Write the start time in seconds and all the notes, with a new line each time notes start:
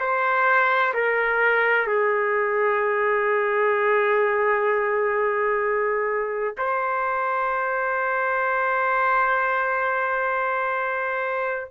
0.00 C5
0.94 A#4
1.87 G#4
6.58 C5